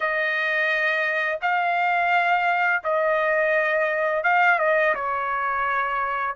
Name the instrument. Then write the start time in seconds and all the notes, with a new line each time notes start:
trumpet
0.00 D#5
1.41 F5
2.83 D#5
4.23 F5
4.59 D#5
4.94 C#5